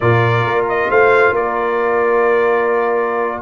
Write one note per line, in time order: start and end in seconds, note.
0.00 0.45 A#2
0.00 3.42 F4
0.00 0.88 A#4
0.00 0.65 D5
0.45 0.89 A#3
0.68 0.90 D#5
0.88 1.31 A3
0.88 1.33 C5
0.88 1.35 F5
1.31 3.42 A#3
1.31 3.42 A#4
1.31 3.42 D5